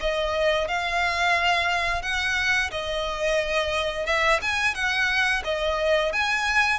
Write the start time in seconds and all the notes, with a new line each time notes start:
0.00 D#5
0.68 F5
2.02 F#5
2.71 D#5
4.06 E5
4.42 G#5
4.74 F#5
5.45 D#5
6.13 G#5